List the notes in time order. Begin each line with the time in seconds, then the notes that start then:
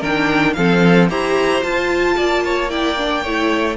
0.00 D#3 D4 A#4 G5
0.54 F3 C4 A4 F5
1.09 E4 G4 C5 A#5
1.62 F4 A5
2.17 A#3 D5
2.45 C#5
2.70 E4 D5 G5
2.98 D4
3.23 A3 E4 C#5